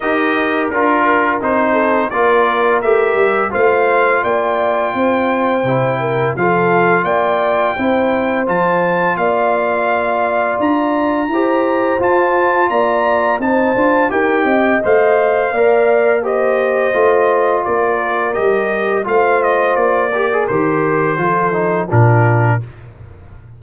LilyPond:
<<
  \new Staff \with { instrumentName = "trumpet" } { \time 4/4 \tempo 4 = 85 dis''4 ais'4 c''4 d''4 | e''4 f''4 g''2~ | g''4 f''4 g''2 | a''4 f''2 ais''4~ |
ais''4 a''4 ais''4 a''4 | g''4 f''2 dis''4~ | dis''4 d''4 dis''4 f''8 dis''8 | d''4 c''2 ais'4 | }
  \new Staff \with { instrumentName = "horn" } { \time 4/4 ais'2~ ais'8 a'8 ais'4~ | ais'4 c''4 d''4 c''4~ | c''8 ais'8 a'4 d''4 c''4~ | c''4 d''2. |
c''2 d''4 c''4 | ais'8 dis''4. d''4 c''4~ | c''4 ais'2 c''4~ | c''8 ais'4. a'4 f'4 | }
  \new Staff \with { instrumentName = "trombone" } { \time 4/4 g'4 f'4 dis'4 f'4 | g'4 f'2. | e'4 f'2 e'4 | f'1 |
g'4 f'2 dis'8 f'8 | g'4 c''4 ais'4 g'4 | f'2 g'4 f'4~ | f'8 g'16 gis'16 g'4 f'8 dis'8 d'4 | }
  \new Staff \with { instrumentName = "tuba" } { \time 4/4 dis'4 d'4 c'4 ais4 | a8 g8 a4 ais4 c'4 | c4 f4 ais4 c'4 | f4 ais2 d'4 |
e'4 f'4 ais4 c'8 d'8 | dis'8 c'8 a4 ais2 | a4 ais4 g4 a4 | ais4 dis4 f4 ais,4 | }
>>